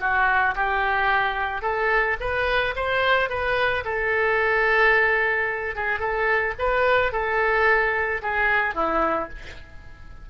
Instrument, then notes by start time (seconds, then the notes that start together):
oboe
0.00 F#4
0.55 G4
1.62 A4
2.20 B4
2.76 C5
3.29 B4
3.84 A4
5.75 G#4
5.99 A4
6.59 B4
7.12 A4
8.22 G#4
8.74 E4